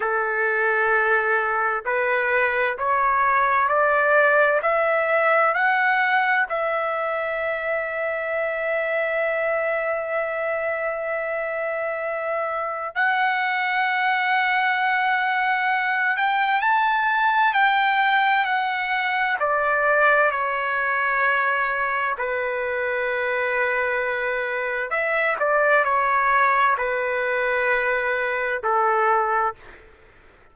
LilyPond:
\new Staff \with { instrumentName = "trumpet" } { \time 4/4 \tempo 4 = 65 a'2 b'4 cis''4 | d''4 e''4 fis''4 e''4~ | e''1~ | e''2 fis''2~ |
fis''4. g''8 a''4 g''4 | fis''4 d''4 cis''2 | b'2. e''8 d''8 | cis''4 b'2 a'4 | }